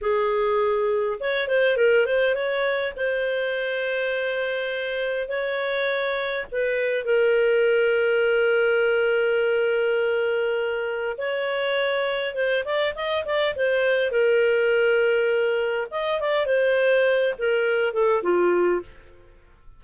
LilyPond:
\new Staff \with { instrumentName = "clarinet" } { \time 4/4 \tempo 4 = 102 gis'2 cis''8 c''8 ais'8 c''8 | cis''4 c''2.~ | c''4 cis''2 b'4 | ais'1~ |
ais'2. cis''4~ | cis''4 c''8 d''8 dis''8 d''8 c''4 | ais'2. dis''8 d''8 | c''4. ais'4 a'8 f'4 | }